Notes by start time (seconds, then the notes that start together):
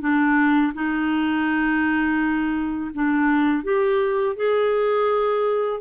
0.00 D4
0.74 D#4
2.93 D4
3.63 G4
4.35 G#4